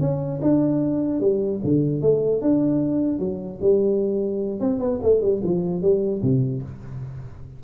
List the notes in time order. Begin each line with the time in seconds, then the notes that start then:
0.00 C#4
0.41 D4
1.20 G3
1.64 D3
2.01 A3
2.41 D4
3.19 F#3
3.61 G3
4.60 C4
4.79 B3
5.02 A3
5.21 G3
5.43 F3
5.82 G3
6.22 C3